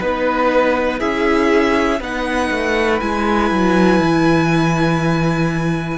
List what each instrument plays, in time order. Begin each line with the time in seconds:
0.00 cello B3, viola D#4, violin B4
1.00 cello C#4, viola E4, violin G#4 E5
2.01 cello B3, viola D#4, violin B4 F#5
2.51 cello A3
3.00 cello G#3, viola E4, violin G#5
3.52 cello F#3
4.00 cello E3